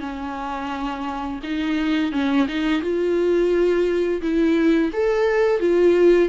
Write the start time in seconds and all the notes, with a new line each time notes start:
0.00 C#4
1.44 D#4
2.12 C#4
2.48 D#4
2.82 F4
4.21 E4
4.93 A4
5.60 F4